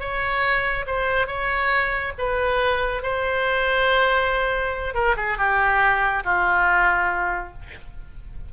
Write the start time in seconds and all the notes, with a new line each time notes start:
0.00 C#5
0.87 C5
1.27 C#5
2.18 B4
3.03 C5
4.94 A#4
5.17 G#4
5.38 G4
6.25 F4